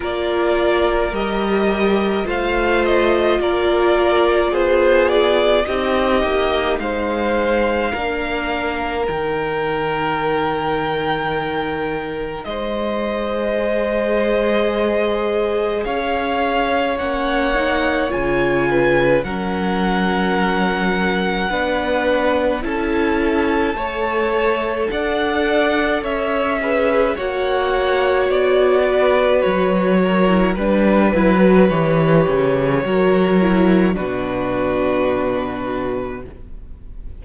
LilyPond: <<
  \new Staff \with { instrumentName = "violin" } { \time 4/4 \tempo 4 = 53 d''4 dis''4 f''8 dis''8 d''4 | c''8 d''8 dis''4 f''2 | g''2. dis''4~ | dis''2 f''4 fis''4 |
gis''4 fis''2. | a''2 fis''4 e''4 | fis''4 d''4 cis''4 b'4 | cis''2 b'2 | }
  \new Staff \with { instrumentName = "violin" } { \time 4/4 ais'2 c''4 ais'4 | gis'4 g'4 c''4 ais'4~ | ais'2. c''4~ | c''2 cis''2~ |
cis''8 b'8 ais'2 b'4 | a'4 cis''4 d''4 cis''8 b'8 | cis''4. b'4 ais'8 b'4~ | b'4 ais'4 fis'2 | }
  \new Staff \with { instrumentName = "viola" } { \time 4/4 f'4 g'4 f'2~ | f'4 dis'2 d'4 | dis'1 | gis'2. cis'8 dis'8 |
f'4 cis'2 d'4 | e'4 a'2~ a'8 gis'8 | fis'2~ fis'8. e'16 d'8 e'16 fis'16 | g'4 fis'8 e'8 d'2 | }
  \new Staff \with { instrumentName = "cello" } { \time 4/4 ais4 g4 a4 ais4 | b4 c'8 ais8 gis4 ais4 | dis2. gis4~ | gis2 cis'4 ais4 |
cis4 fis2 b4 | cis'4 a4 d'4 cis'4 | ais4 b4 fis4 g8 fis8 | e8 cis8 fis4 b,2 | }
>>